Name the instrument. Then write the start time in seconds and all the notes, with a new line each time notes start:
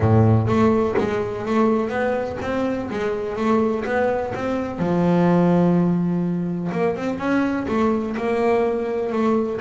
double bass
0.00 A2
0.47 A3
0.98 G#3
1.45 A3
1.89 B3
2.41 C4
2.90 G#3
3.36 A3
3.85 B3
4.34 C4
4.78 F3
6.72 A#3
6.96 C4
7.18 C#4
7.68 A3
8.16 A#3
9.12 A3